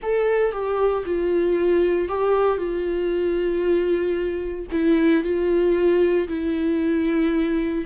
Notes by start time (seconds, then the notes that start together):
0.02 A4
0.51 G4
1.05 F4
2.08 G4
2.57 F4
4.71 E4
5.23 F4
6.28 E4